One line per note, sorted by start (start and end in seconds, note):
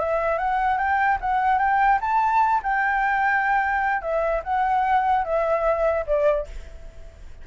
0.00 0.39 E5
0.39 0.78 F#5
0.78 1.19 G5
1.21 1.59 F#5
1.59 2.00 G5
2.02 2.62 A5
2.64 4.02 G5
4.02 4.42 E5
4.44 5.25 F#5
5.25 6.05 E5
6.07 6.47 D5